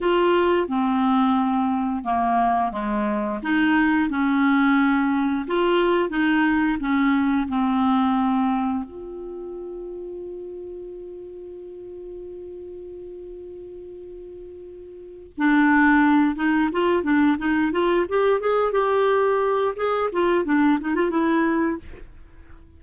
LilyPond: \new Staff \with { instrumentName = "clarinet" } { \time 4/4 \tempo 4 = 88 f'4 c'2 ais4 | gis4 dis'4 cis'2 | f'4 dis'4 cis'4 c'4~ | c'4 f'2.~ |
f'1~ | f'2~ f'8 d'4. | dis'8 f'8 d'8 dis'8 f'8 g'8 gis'8 g'8~ | g'4 gis'8 f'8 d'8 dis'16 f'16 e'4 | }